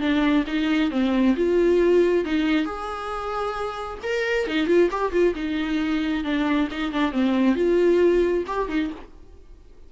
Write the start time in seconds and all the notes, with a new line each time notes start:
0.00 D4
0.47 D#4
0.91 C4
1.36 F4
2.25 D#4
2.65 G#4
4.03 A#4
4.47 D#4
4.67 F4
4.91 G4
5.12 F4
5.35 D#4
6.24 D4
6.71 D#4
6.92 D4
7.12 C4
7.55 F4
8.47 G4
8.68 D#4